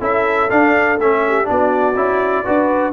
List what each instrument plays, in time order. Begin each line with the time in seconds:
0.00 tuba C#4, trombone E4, horn A4, trumpet E5
0.50 trombone D4, tuba D4, trumpet F5
0.98 tuba A3, trombone C#4, trumpet E5
1.27 horn G4
1.45 tuba B3, trombone D4, horn F#4, trumpet D5
1.96 tuba C#4, trombone E4
2.44 tuba D4, trombone F#4, horn B4